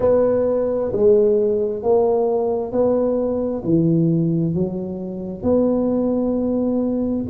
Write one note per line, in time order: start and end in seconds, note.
0.00 0.91 B3
0.93 1.82 G#3
1.82 2.71 A#3
2.71 3.62 B3
3.64 4.54 E3
4.54 5.43 F#3
5.43 7.24 B3